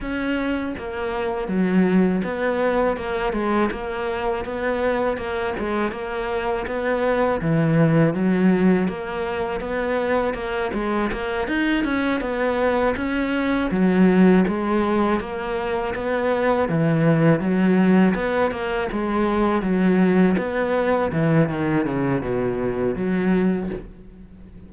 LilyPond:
\new Staff \with { instrumentName = "cello" } { \time 4/4 \tempo 4 = 81 cis'4 ais4 fis4 b4 | ais8 gis8 ais4 b4 ais8 gis8 | ais4 b4 e4 fis4 | ais4 b4 ais8 gis8 ais8 dis'8 |
cis'8 b4 cis'4 fis4 gis8~ | gis8 ais4 b4 e4 fis8~ | fis8 b8 ais8 gis4 fis4 b8~ | b8 e8 dis8 cis8 b,4 fis4 | }